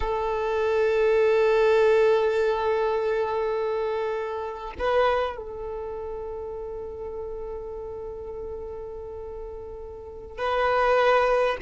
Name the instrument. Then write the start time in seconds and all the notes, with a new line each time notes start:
violin
0.00 A4
4.78 B4
5.36 A4
10.37 B4